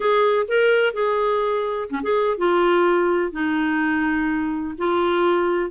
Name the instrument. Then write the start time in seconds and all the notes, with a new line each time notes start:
clarinet
0.00 G#4
0.48 A#4
0.93 G#4
1.89 C#4
2.03 G#4
2.37 F4
3.32 D#4
4.77 F4